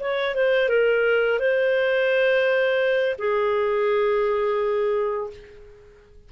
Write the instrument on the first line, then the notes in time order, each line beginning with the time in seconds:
clarinet
0.00 C#5
0.35 C5
0.69 A#4
1.40 C5
3.19 G#4